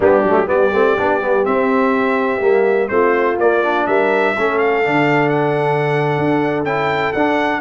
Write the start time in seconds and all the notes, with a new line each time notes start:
0.00 G3 B3 D4 G4
0.23 F#3 A3
0.46 G3 B3 G4 D5
0.72 A3 C4
0.98 B3 D4
1.21 G3 B3
1.44 C4 E5
2.41 G3 A#3
2.88 A3 C4 F4 C5
3.37 A#3 D5
3.63 D4
3.86 G3 A#4 E5
4.35 A3 C#4 A4
4.58 F5
4.83 D3 D4
5.29 F#5
6.17 D4
6.64 C#4 E4 G5
7.12 D4 F#5